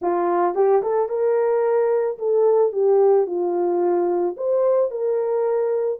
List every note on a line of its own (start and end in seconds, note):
0.01 0.54 F4
0.54 0.82 G4
0.82 1.09 A4
1.09 2.18 A#4
2.18 2.72 A4
2.72 3.26 G4
3.26 4.35 F4
4.36 4.91 C5
4.91 6.00 A#4